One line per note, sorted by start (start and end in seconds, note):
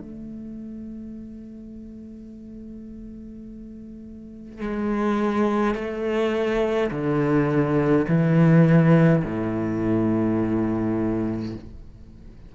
0.00 4.60 A3
4.60 5.75 G#3
5.75 6.90 A3
6.91 8.06 D3
8.08 9.24 E3
9.25 11.55 A2